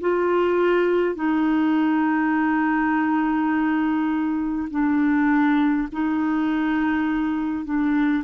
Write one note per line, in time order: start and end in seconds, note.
0.00 1.15 F4
1.15 4.68 D#4
4.70 5.88 D4
5.92 7.65 D#4
7.65 8.24 D4